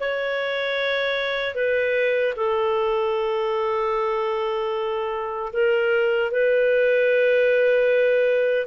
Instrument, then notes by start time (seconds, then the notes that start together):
clarinet
0.00 C#5
1.55 B4
2.36 A4
5.53 A#4
6.31 B4